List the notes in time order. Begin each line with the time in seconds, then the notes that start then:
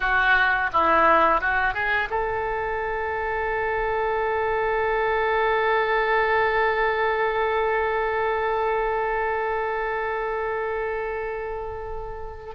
0.00 F#4
0.72 E4
1.40 F#4
1.74 G#4
2.10 A4